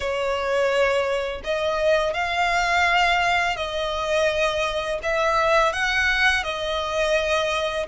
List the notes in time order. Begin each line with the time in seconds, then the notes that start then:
0.00 C#5
1.44 D#5
2.13 F5
3.56 D#5
5.02 E5
5.72 F#5
6.43 D#5